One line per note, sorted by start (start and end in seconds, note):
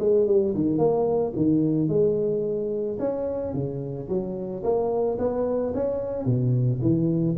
0.00 0.27 G#3
0.27 0.54 G3
0.55 0.79 D#3
0.79 1.33 A#3
1.36 1.89 D#3
1.89 2.98 G#3
3.00 3.54 C#4
3.54 4.08 C#3
4.09 4.63 F#3
4.64 5.18 A#3
5.19 5.73 B3
5.75 6.26 C#4
6.26 6.80 B2
6.82 7.36 E3